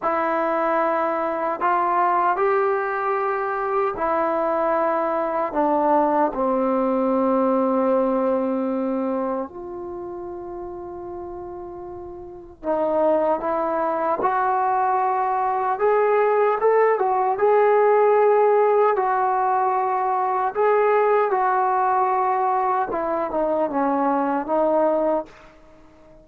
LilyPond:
\new Staff \with { instrumentName = "trombone" } { \time 4/4 \tempo 4 = 76 e'2 f'4 g'4~ | g'4 e'2 d'4 | c'1 | f'1 |
dis'4 e'4 fis'2 | gis'4 a'8 fis'8 gis'2 | fis'2 gis'4 fis'4~ | fis'4 e'8 dis'8 cis'4 dis'4 | }